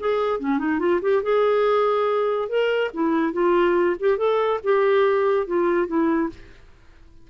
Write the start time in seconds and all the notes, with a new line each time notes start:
0.00 G#4
0.40 C#4
0.59 D#4
0.79 F4
1.02 G4
1.23 G#4
2.49 A#4
2.94 E4
3.33 F4
4.00 G4
4.18 A4
4.64 G4
5.47 F4
5.87 E4